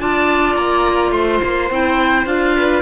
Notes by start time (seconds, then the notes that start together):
0.00 D4 F4 D5 A5
0.56 A#3 A#5
1.12 A3 C5 C6
1.44 A#3
1.71 C4 E4 G5
2.26 D4 F4 F5
2.56 B4